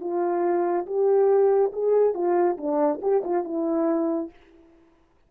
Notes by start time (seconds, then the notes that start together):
0.00 F4
0.86 G4
1.73 G#4
2.14 F4
2.57 D4
3.02 G4
3.24 F4
3.44 E4